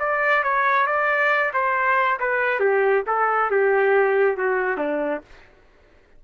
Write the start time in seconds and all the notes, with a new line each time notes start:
0.00 D5
0.44 C#5
0.87 D5
1.54 C5
2.20 B4
2.60 G4
3.07 A4
3.51 G4
4.37 F#4
4.78 D4